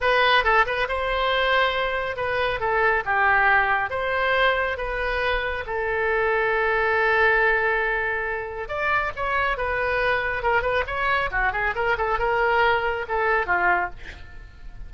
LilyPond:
\new Staff \with { instrumentName = "oboe" } { \time 4/4 \tempo 4 = 138 b'4 a'8 b'8 c''2~ | c''4 b'4 a'4 g'4~ | g'4 c''2 b'4~ | b'4 a'2.~ |
a'1 | d''4 cis''4 b'2 | ais'8 b'8 cis''4 fis'8 gis'8 ais'8 a'8 | ais'2 a'4 f'4 | }